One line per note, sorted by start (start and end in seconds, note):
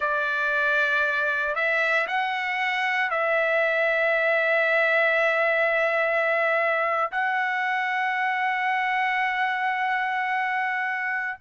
0.00 1.55 D5
1.55 2.06 E5
2.07 3.10 F#5
3.10 7.11 E5
7.11 11.38 F#5